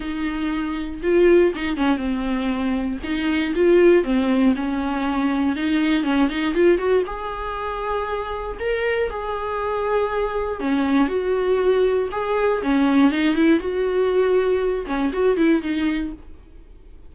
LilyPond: \new Staff \with { instrumentName = "viola" } { \time 4/4 \tempo 4 = 119 dis'2 f'4 dis'8 cis'8 | c'2 dis'4 f'4 | c'4 cis'2 dis'4 | cis'8 dis'8 f'8 fis'8 gis'2~ |
gis'4 ais'4 gis'2~ | gis'4 cis'4 fis'2 | gis'4 cis'4 dis'8 e'8 fis'4~ | fis'4. cis'8 fis'8 e'8 dis'4 | }